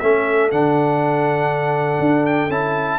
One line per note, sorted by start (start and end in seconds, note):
0.00 0.52 A3
0.00 0.52 C#4
0.00 3.00 A4
0.00 0.50 E5
0.52 2.00 D3
0.52 2.51 D4
0.52 2.26 F#5
2.00 2.50 D4
2.26 2.51 G5
2.50 3.00 C#4
2.50 3.00 E4
2.50 3.00 A5